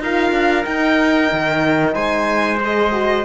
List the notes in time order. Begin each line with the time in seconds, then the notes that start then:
0.00 D#4 F4 A#4 F5
0.32 D4
0.64 D#4 G5
1.33 D#3
1.94 G#3 C5 G#5
2.61 G#4 D#5
2.92 F#4